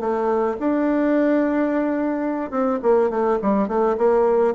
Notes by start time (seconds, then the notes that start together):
0.00 A3
0.60 D4
2.51 C4
2.83 A#3
3.10 A3
3.42 G3
3.68 A3
3.98 A#3